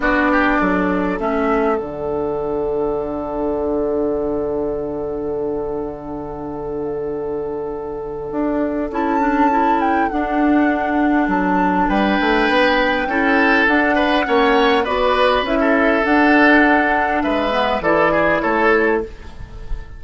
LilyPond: <<
  \new Staff \with { instrumentName = "flute" } { \time 4/4 \tempo 4 = 101 d''2 e''4 fis''4~ | fis''1~ | fis''1~ | fis''2. a''4~ |
a''8 g''8 fis''2 a''4 | g''2. fis''4~ | fis''4 d''4 e''4 fis''4~ | fis''4 e''4 d''4 cis''4 | }
  \new Staff \with { instrumentName = "oboe" } { \time 4/4 fis'8 g'8 a'2.~ | a'1~ | a'1~ | a'1~ |
a'1 | b'2 a'4. b'8 | cis''4 b'4~ b'16 a'4.~ a'16~ | a'4 b'4 a'8 gis'8 a'4 | }
  \new Staff \with { instrumentName = "clarinet" } { \time 4/4 d'2 cis'4 d'4~ | d'1~ | d'1~ | d'2. e'8 d'8 |
e'4 d'2.~ | d'2 e'4 d'4 | cis'4 fis'4 e'4 d'4~ | d'4. b8 e'2 | }
  \new Staff \with { instrumentName = "bassoon" } { \time 4/4 b4 fis4 a4 d4~ | d1~ | d1~ | d2 d'4 cis'4~ |
cis'4 d'2 fis4 | g8 a8 b4 cis'4 d'4 | ais4 b4 cis'4 d'4~ | d'4 gis4 e4 a4 | }
>>